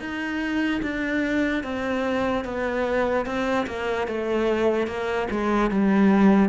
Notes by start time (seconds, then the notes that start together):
0.00 D#4
0.83 D4
1.64 C4
2.45 B3
3.26 C4
3.67 A#3
4.07 A3
4.87 A#3
5.31 G#3
5.71 G3